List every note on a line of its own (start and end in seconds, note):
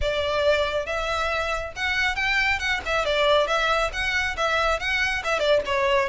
0.01 0.86 D5
0.86 1.73 E5
1.75 2.15 F#5
2.15 2.59 G5
2.59 2.80 F#5
2.85 3.05 E5
3.05 3.47 D5
3.47 3.90 E5
3.92 4.36 F#5
4.36 4.79 E5
4.79 5.23 F#5
5.24 5.39 E5
5.39 5.61 D5
5.65 6.09 C#5